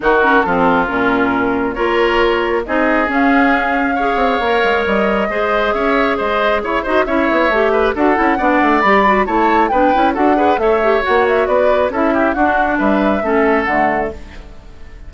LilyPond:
<<
  \new Staff \with { instrumentName = "flute" } { \time 4/4 \tempo 4 = 136 ais'4 a'4 ais'2 | cis''2 dis''4 f''4~ | f''2. dis''4~ | dis''4 e''4 dis''4 cis''8 dis''8 |
e''2 fis''2 | b''4 a''4 g''4 fis''4 | e''4 fis''8 e''8 d''4 e''4 | fis''4 e''2 fis''4 | }
  \new Staff \with { instrumentName = "oboe" } { \time 4/4 fis'4 f'2. | ais'2 gis'2~ | gis'4 cis''2. | c''4 cis''4 c''4 cis''8 c''8 |
cis''4. b'8 a'4 d''4~ | d''4 cis''4 b'4 a'8 b'8 | cis''2 b'4 a'8 g'8 | fis'4 b'4 a'2 | }
  \new Staff \with { instrumentName = "clarinet" } { \time 4/4 dis'8 cis'8 c'4 cis'2 | f'2 dis'4 cis'4~ | cis'4 gis'4 ais'2 | gis'2.~ gis'8 fis'8 |
e'4 g'4 fis'8 e'8 d'4 | g'8 fis'8 e'4 d'8 e'8 fis'8 gis'8 | a'8 g'8 fis'2 e'4 | d'2 cis'4 a4 | }
  \new Staff \with { instrumentName = "bassoon" } { \time 4/4 dis4 f4 ais,2 | ais2 c'4 cis'4~ | cis'4. c'8 ais8 gis8 g4 | gis4 cis'4 gis4 e'8 dis'8 |
cis'8 b8 a4 d'8 cis'8 b8 a8 | g4 a4 b8 cis'8 d'4 | a4 ais4 b4 cis'4 | d'4 g4 a4 d4 | }
>>